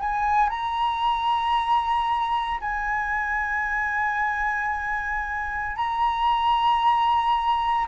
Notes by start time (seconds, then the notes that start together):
0.00 G#5
0.50 A#5
2.61 G#5
5.77 A#5